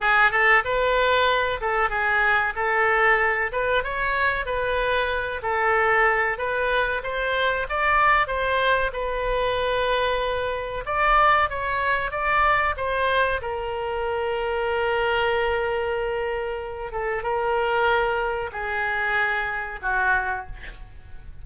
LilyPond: \new Staff \with { instrumentName = "oboe" } { \time 4/4 \tempo 4 = 94 gis'8 a'8 b'4. a'8 gis'4 | a'4. b'8 cis''4 b'4~ | b'8 a'4. b'4 c''4 | d''4 c''4 b'2~ |
b'4 d''4 cis''4 d''4 | c''4 ais'2.~ | ais'2~ ais'8 a'8 ais'4~ | ais'4 gis'2 fis'4 | }